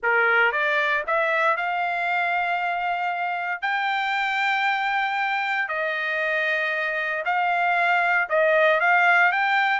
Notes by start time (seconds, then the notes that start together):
0.02 A#4
0.52 D5
1.06 E5
1.57 F5
3.61 G5
5.68 D#5
7.25 F5
8.29 D#5
8.80 F5
9.32 G5